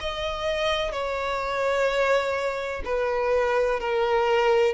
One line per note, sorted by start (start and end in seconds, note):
0.00 0.92 D#5
0.92 2.82 C#5
2.85 3.80 B4
3.80 4.74 A#4